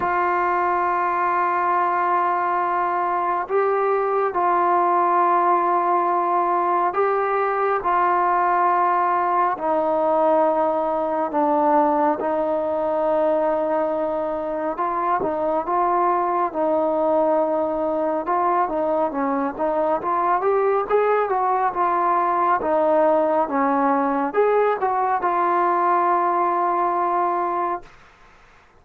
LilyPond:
\new Staff \with { instrumentName = "trombone" } { \time 4/4 \tempo 4 = 69 f'1 | g'4 f'2. | g'4 f'2 dis'4~ | dis'4 d'4 dis'2~ |
dis'4 f'8 dis'8 f'4 dis'4~ | dis'4 f'8 dis'8 cis'8 dis'8 f'8 g'8 | gis'8 fis'8 f'4 dis'4 cis'4 | gis'8 fis'8 f'2. | }